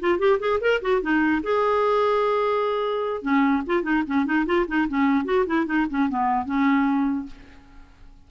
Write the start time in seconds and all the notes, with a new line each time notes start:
0.00 F4
0.19 G4
0.39 G#4
0.60 A#4
0.82 F#4
1.01 D#4
1.43 G#4
3.22 C#4
3.66 F4
3.83 D#4
4.07 C#4
4.25 D#4
4.46 F4
4.67 D#4
4.88 C#4
5.25 F#4
5.46 E4
5.66 D#4
5.90 C#4
6.09 B3
6.45 C#4